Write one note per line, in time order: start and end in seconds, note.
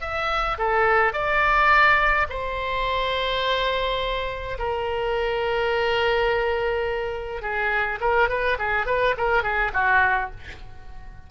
0.00 0.57 E5
0.58 1.12 A4
1.12 2.27 D5
2.29 4.58 C5
4.58 7.42 A#4
7.42 7.99 G#4
8.00 8.29 A#4
8.29 8.57 B4
8.58 8.86 G#4
8.86 9.15 B4
9.17 9.43 A#4
9.43 9.71 G#4
9.73 10.30 F#4